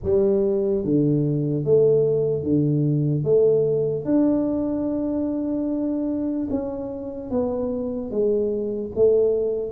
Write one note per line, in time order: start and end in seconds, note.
0.03 0.84 G3
0.84 1.64 D3
1.64 2.43 A3
2.43 3.24 D3
3.24 4.05 A3
4.05 6.48 D4
6.50 7.30 C#4
7.30 8.10 B3
8.10 8.92 G#3
8.95 9.71 A3